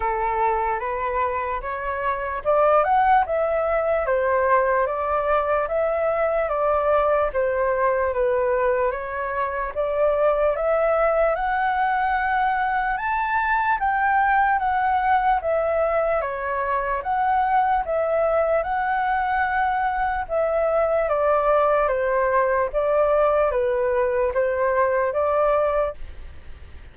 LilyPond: \new Staff \with { instrumentName = "flute" } { \time 4/4 \tempo 4 = 74 a'4 b'4 cis''4 d''8 fis''8 | e''4 c''4 d''4 e''4 | d''4 c''4 b'4 cis''4 | d''4 e''4 fis''2 |
a''4 g''4 fis''4 e''4 | cis''4 fis''4 e''4 fis''4~ | fis''4 e''4 d''4 c''4 | d''4 b'4 c''4 d''4 | }